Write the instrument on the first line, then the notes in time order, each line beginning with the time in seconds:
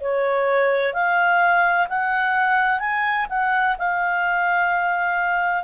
clarinet
0.00 C#5
0.93 F5
1.88 F#5
2.79 G#5
3.29 F#5
3.78 F5